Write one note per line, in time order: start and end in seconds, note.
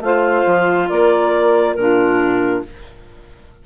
0.00 0.43 A3
0.00 1.77 F4
0.00 0.88 C5
0.00 0.89 F5
0.46 0.89 F3
0.88 1.76 A#3
0.88 1.75 A#4
0.88 1.74 D5
1.74 2.63 A#2
1.74 2.64 D4
1.74 2.65 F4
1.74 2.61 A#4